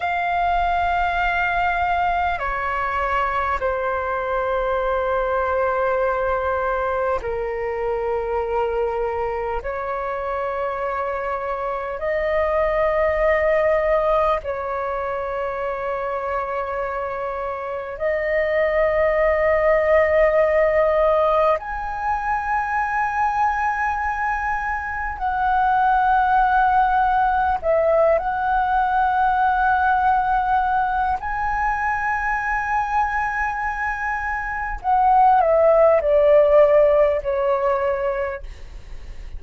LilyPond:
\new Staff \with { instrumentName = "flute" } { \time 4/4 \tempo 4 = 50 f''2 cis''4 c''4~ | c''2 ais'2 | cis''2 dis''2 | cis''2. dis''4~ |
dis''2 gis''2~ | gis''4 fis''2 e''8 fis''8~ | fis''2 gis''2~ | gis''4 fis''8 e''8 d''4 cis''4 | }